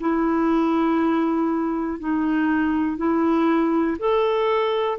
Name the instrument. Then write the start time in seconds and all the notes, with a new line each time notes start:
clarinet
0.00 E4
2.00 D#4
2.98 E4
3.99 A4